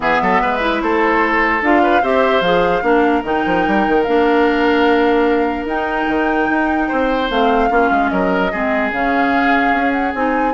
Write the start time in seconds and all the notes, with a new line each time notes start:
0.00 E3 B3 G#4 E5
0.21 F#3 A4
0.41 G#3 B4
0.59 E4
0.81 A3 A4 C5
1.61 D4 F4 F5
1.83 B4
2.02 C4 G4 C5 E5
2.40 F3 G#4 F5
2.82 A#3 D4 A#4
3.23 D#3 D#4 G5
3.46 F3
3.67 G3
3.88 D#3
4.03 A#3 D4 F5
5.65 D#4 G5
6.08 D#3
6.49 D#4
6.88 C4 C5
7.29 A3 C4 F5
7.69 A#3 C#4 F4
7.90 G#3
8.08 F#3 A#4 D#5
8.51 G#3 C4 G#4
8.91 C#3 C#4 F5
9.72 C#4
9.91 F#5
10.14 C4 D#4 G#5